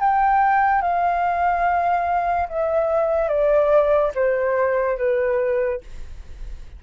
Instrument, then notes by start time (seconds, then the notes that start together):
flute
0.00 G5
0.81 F5
2.48 E5
3.28 D5
4.15 C5
4.98 B4